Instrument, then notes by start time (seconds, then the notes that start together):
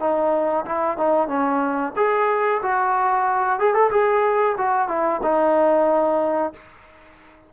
trombone
0.00 D#4
0.66 E4
0.98 D#4
1.28 C#4
1.96 G#4
2.62 F#4
3.60 G#4
3.74 A4
3.91 G#4
4.57 F#4
4.88 E4
5.23 D#4